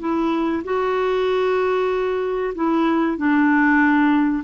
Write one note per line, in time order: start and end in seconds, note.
0.00 0.63 E4
0.65 2.54 F#4
2.55 3.18 E4
3.18 4.44 D4